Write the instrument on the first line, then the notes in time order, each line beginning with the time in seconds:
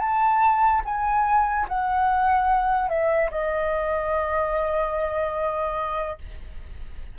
flute
0.00 A5
0.85 G#5
1.69 F#5
2.90 E5
3.31 D#5